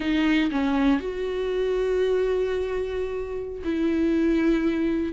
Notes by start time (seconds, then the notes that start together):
0.00 D#4
0.51 C#4
1.00 F#4
3.64 E4